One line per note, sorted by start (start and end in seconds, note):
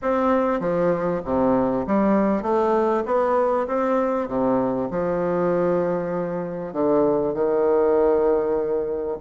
0.02 0.60 C4
0.60 1.21 F3
1.24 1.86 C3
1.86 2.42 G3
2.42 3.03 A3
3.05 3.66 B3
3.67 4.27 C4
4.27 4.89 C3
4.90 6.73 F3
6.73 7.34 D3
7.34 9.17 D#3